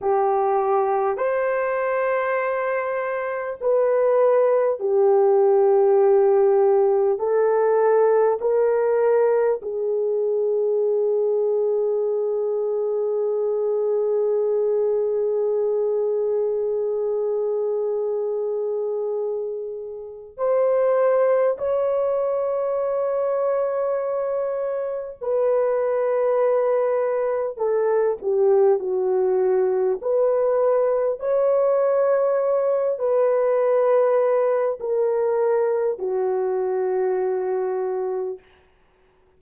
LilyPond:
\new Staff \with { instrumentName = "horn" } { \time 4/4 \tempo 4 = 50 g'4 c''2 b'4 | g'2 a'4 ais'4 | gis'1~ | gis'1~ |
gis'4 c''4 cis''2~ | cis''4 b'2 a'8 g'8 | fis'4 b'4 cis''4. b'8~ | b'4 ais'4 fis'2 | }